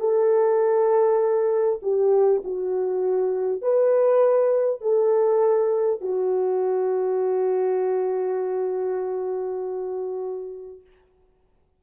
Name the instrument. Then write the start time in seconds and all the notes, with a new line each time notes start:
horn
0.00 A4
1.83 G4
2.44 F#4
3.62 B4
4.82 A4
6.01 F#4